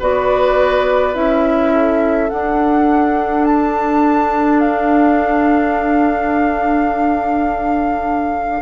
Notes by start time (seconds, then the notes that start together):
0.00 B3 F#4 B4 D5
1.13 C#4 E4 E5
1.73 A4
2.30 D4 F#5
3.45 A5
4.60 F5